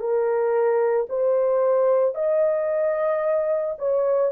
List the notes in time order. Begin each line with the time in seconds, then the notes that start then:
0.00 A#4
1.10 C5
2.15 D#5
3.78 C#5